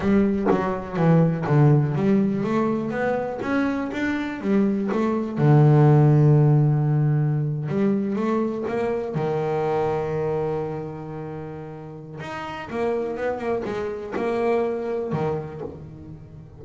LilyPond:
\new Staff \with { instrumentName = "double bass" } { \time 4/4 \tempo 4 = 123 g4 fis4 e4 d4 | g4 a4 b4 cis'4 | d'4 g4 a4 d4~ | d2.~ d8. g16~ |
g8. a4 ais4 dis4~ dis16~ | dis1~ | dis4 dis'4 ais4 b8 ais8 | gis4 ais2 dis4 | }